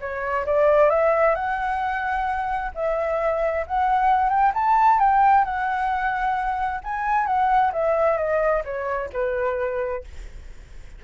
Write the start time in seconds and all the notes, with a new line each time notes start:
0.00 C#5
0.46 D5
0.90 E5
1.35 F#5
2.75 E5
3.67 F#5
4.29 G5
4.54 A5
4.99 G5
5.44 F#5
6.84 G#5
7.26 F#5
7.72 E5
8.17 D#5
8.64 C#5
9.13 B4